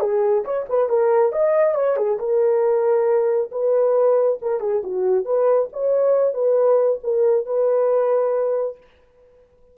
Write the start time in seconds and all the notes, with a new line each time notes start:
0.00 G#4
0.45 C#5
0.69 B4
0.89 A#4
1.32 D#5
1.75 C#5
1.96 G#4
2.19 A#4
3.52 B4
4.42 A#4
4.60 G#4
4.83 F#4
5.25 B4
5.73 C#5
6.34 B4
7.03 A#4
7.46 B4